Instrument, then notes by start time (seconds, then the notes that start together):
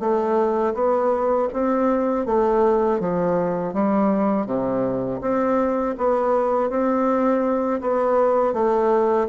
bassoon
0.00 A3
0.74 B3
1.53 C4
2.26 A3
3.00 F3
3.73 G3
4.46 C3
5.21 C4
5.98 B3
6.70 C4
7.81 B3
8.54 A3